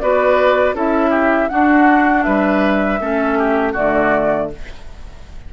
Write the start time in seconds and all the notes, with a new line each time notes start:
0.00 B3 F#4 B4 D5
0.74 C#4 E4 A4 E5
1.11 G4
1.50 D4 F#4 F#5
2.23 G3 B4 E5
3.00 A3 C#4 A4
3.39 G4
3.73 D3 A3 F#4 D5